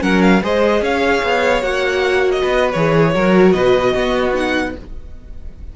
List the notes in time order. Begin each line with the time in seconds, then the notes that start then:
0.00 F#3 C#4 A#4 F#5
0.22 F5
0.43 G#3 G#4 C5 D#5
0.81 C#4 C#5 F5
1.23 B3
1.62 A#3 F#4 F#5
2.31 D#5
2.41 B3 B4
2.72 E3 G#4 C#5
3.13 F#3 F#4 A#4
3.52 B2 B4 D#5
3.92 B3 F#4
4.34 D#4 F#5